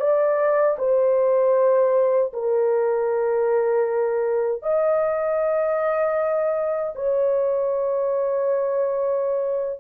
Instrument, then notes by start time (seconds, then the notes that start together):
horn
0.00 D5
0.79 C5
2.34 A#4
4.63 D#5
6.95 C#5